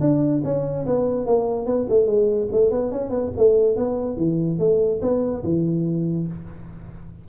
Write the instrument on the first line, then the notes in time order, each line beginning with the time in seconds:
tuba
0.00 D4
0.44 C#4
0.86 B3
1.26 A#3
1.66 B3
1.89 A3
2.06 G#3
2.52 A3
2.71 B3
2.91 C#4
3.09 B3
3.37 A3
3.76 B3
4.17 E3
4.59 A3
5.01 B3
5.43 E3